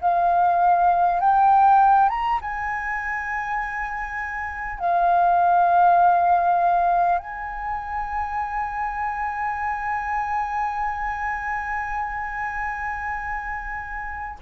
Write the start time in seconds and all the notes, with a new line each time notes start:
0.00 F5
1.19 G5
2.09 A#5
2.41 G#5
4.79 F5
7.18 G#5